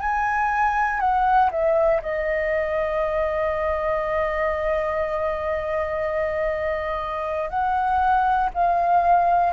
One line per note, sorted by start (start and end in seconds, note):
0.00 1.00 G#5
1.00 1.50 F#5
1.51 2.01 E5
2.01 7.50 D#5
7.50 8.50 F#5
8.54 9.53 F5